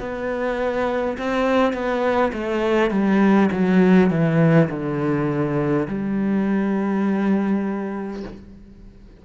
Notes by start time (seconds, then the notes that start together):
0.00 B3
1.18 C4
1.73 B3
2.33 A3
2.91 G3
3.52 F#3
4.11 E3
4.70 D3
5.88 G3